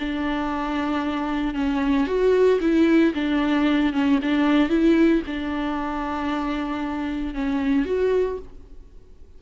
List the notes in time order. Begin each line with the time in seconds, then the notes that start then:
0.00 D4
1.55 C#4
2.07 F#4
2.61 E4
3.15 D4
3.94 C#4
4.23 D4
4.70 E4
5.27 D4
7.35 C#4
7.86 F#4